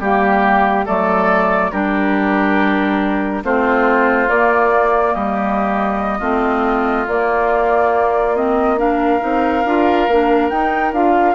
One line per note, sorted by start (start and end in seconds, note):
0.00 0.86 G3
0.00 0.86 A#3
0.00 0.86 G4
0.00 0.87 G4
0.86 1.72 F#3
0.86 1.72 A3
0.86 1.71 A4
0.86 1.72 D5
1.72 3.44 G3
1.72 3.44 D4
1.72 3.44 G4
1.72 3.43 A#4
3.44 4.29 A3
3.44 4.29 C4
3.44 5.14 F4
3.44 4.29 C5
4.29 5.14 A#3
4.29 6.21 A#3
4.29 5.15 D5
5.14 6.21 G3
5.14 6.18 G4
5.14 7.08 D#5
6.18 7.06 A3
6.18 7.07 C4
6.18 8.76 F4
7.08 9.22 A#3
7.08 8.35 A#3
7.08 8.36 D5
8.35 8.77 C4
8.35 8.79 D#5
8.77 9.20 D4
8.77 11.35 A#4
8.77 10.49 F5
9.20 9.65 C4
9.20 9.63 D#4
9.65 10.08 D4
9.65 10.09 F4
10.08 10.50 A#3
10.08 10.51 D4
10.49 10.92 D#4
10.49 10.93 D#4
10.49 10.92 G5
10.92 11.35 D4
10.92 11.35 F4
10.92 11.35 F5